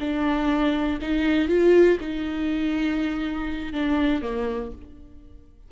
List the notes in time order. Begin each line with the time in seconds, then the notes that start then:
0.00 D4
1.02 D#4
1.49 F4
2.01 D#4
3.73 D4
4.22 A#3